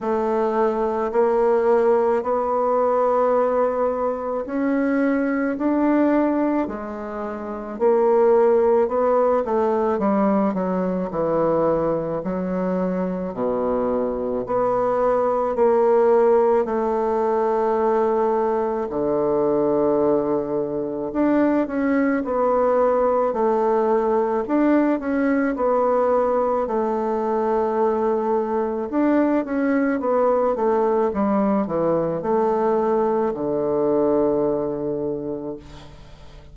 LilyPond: \new Staff \with { instrumentName = "bassoon" } { \time 4/4 \tempo 4 = 54 a4 ais4 b2 | cis'4 d'4 gis4 ais4 | b8 a8 g8 fis8 e4 fis4 | b,4 b4 ais4 a4~ |
a4 d2 d'8 cis'8 | b4 a4 d'8 cis'8 b4 | a2 d'8 cis'8 b8 a8 | g8 e8 a4 d2 | }